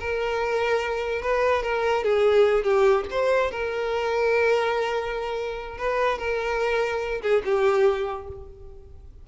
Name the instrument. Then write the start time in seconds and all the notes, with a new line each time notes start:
violin
0.00 A#4
1.22 B4
1.63 A#4
2.04 G#4
2.64 G4
3.11 C5
3.51 A#4
5.78 B4
6.18 A#4
7.22 G#4
7.45 G4